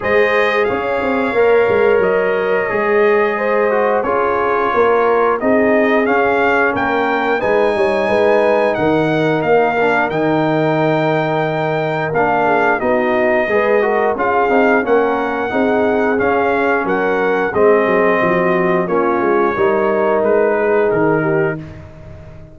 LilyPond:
<<
  \new Staff \with { instrumentName = "trumpet" } { \time 4/4 \tempo 4 = 89 dis''4 f''2 dis''4~ | dis''2 cis''2 | dis''4 f''4 g''4 gis''4~ | gis''4 fis''4 f''4 g''4~ |
g''2 f''4 dis''4~ | dis''4 f''4 fis''2 | f''4 fis''4 dis''2 | cis''2 b'4 ais'4 | }
  \new Staff \with { instrumentName = "horn" } { \time 4/4 c''4 cis''2.~ | cis''4 c''4 gis'4 ais'4 | gis'2 ais'4 b'8 cis''8 | b'4 ais'2.~ |
ais'2~ ais'8 gis'8 fis'4 | b'8 ais'8 gis'4 ais'4 gis'4~ | gis'4 ais'4 gis'4 fis'4 | f'4 ais'4. gis'4 g'8 | }
  \new Staff \with { instrumentName = "trombone" } { \time 4/4 gis'2 ais'2 | gis'4. fis'8 f'2 | dis'4 cis'2 dis'4~ | dis'2~ dis'8 d'8 dis'4~ |
dis'2 d'4 dis'4 | gis'8 fis'8 f'8 dis'8 cis'4 dis'4 | cis'2 c'2 | cis'4 dis'2. | }
  \new Staff \with { instrumentName = "tuba" } { \time 4/4 gis4 cis'8 c'8 ais8 gis8 fis4 | gis2 cis'4 ais4 | c'4 cis'4 ais4 gis8 g8 | gis4 dis4 ais4 dis4~ |
dis2 ais4 b4 | gis4 cis'8 c'8 ais4 c'4 | cis'4 fis4 gis8 fis8 f4 | ais8 gis8 g4 gis4 dis4 | }
>>